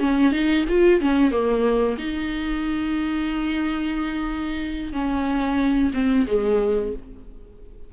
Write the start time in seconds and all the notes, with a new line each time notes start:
0.00 C#4
0.32 D#4
0.69 F4
1.01 C#4
1.32 A#3
1.98 D#4
4.93 C#4
5.94 C4
6.27 G#3